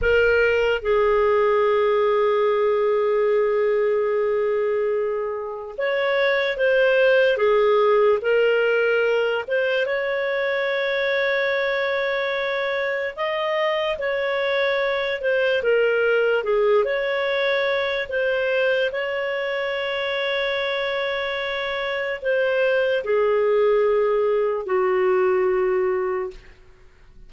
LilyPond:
\new Staff \with { instrumentName = "clarinet" } { \time 4/4 \tempo 4 = 73 ais'4 gis'2.~ | gis'2. cis''4 | c''4 gis'4 ais'4. c''8 | cis''1 |
dis''4 cis''4. c''8 ais'4 | gis'8 cis''4. c''4 cis''4~ | cis''2. c''4 | gis'2 fis'2 | }